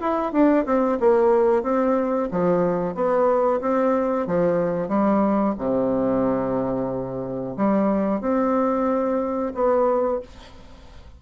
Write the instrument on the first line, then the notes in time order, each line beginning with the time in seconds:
bassoon
0.00 E4
0.33 D4
0.66 C4
1.00 A#3
1.63 C4
2.31 F3
2.95 B3
3.61 C4
4.27 F3
4.89 G3
5.58 C3
7.57 G3
8.21 C4
9.55 B3